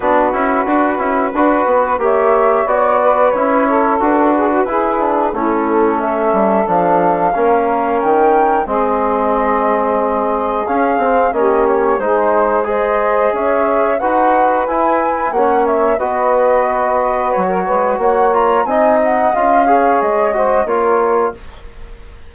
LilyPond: <<
  \new Staff \with { instrumentName = "flute" } { \time 4/4 \tempo 4 = 90 b'2. e''4 | d''4 cis''4 b'2 | a'4 e''4 f''2 | g''4 dis''2. |
f''4 dis''8 cis''8 c''4 dis''4 | e''4 fis''4 gis''4 fis''8 e''8 | dis''2 cis''4 fis''8 ais''8 | gis''8 fis''8 f''4 dis''4 cis''4 | }
  \new Staff \with { instrumentName = "saxophone" } { \time 4/4 fis'2 b'4 cis''4~ | cis''8 b'4 a'4 gis'16 fis'16 gis'4 | e'4 a'2 ais'4~ | ais'4 gis'2.~ |
gis'4 g'4 gis'4 c''4 | cis''4 b'2 cis''4 | b'2~ b'16 ais'16 b'8 cis''4 | dis''4. cis''4 c''8 ais'4 | }
  \new Staff \with { instrumentName = "trombone" } { \time 4/4 d'8 e'8 fis'8 e'8 fis'4 g'4 | fis'4 e'4 fis'4 e'8 d'8 | cis'2 d'4 cis'4~ | cis'4 c'2. |
cis'8 c'8 cis'4 dis'4 gis'4~ | gis'4 fis'4 e'4 cis'4 | fis'2.~ fis'8 f'8 | dis'4 f'8 gis'4 fis'8 f'4 | }
  \new Staff \with { instrumentName = "bassoon" } { \time 4/4 b8 cis'8 d'8 cis'8 d'8 b8 ais4 | b4 cis'4 d'4 e'4 | a4. g8 f4 ais4 | dis4 gis2. |
cis'8 c'8 ais4 gis2 | cis'4 dis'4 e'4 ais4 | b2 fis8 gis8 ais4 | c'4 cis'4 gis4 ais4 | }
>>